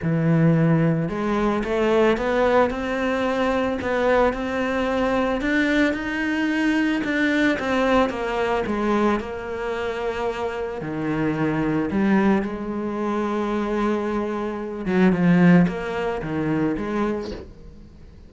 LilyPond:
\new Staff \with { instrumentName = "cello" } { \time 4/4 \tempo 4 = 111 e2 gis4 a4 | b4 c'2 b4 | c'2 d'4 dis'4~ | dis'4 d'4 c'4 ais4 |
gis4 ais2. | dis2 g4 gis4~ | gis2.~ gis8 fis8 | f4 ais4 dis4 gis4 | }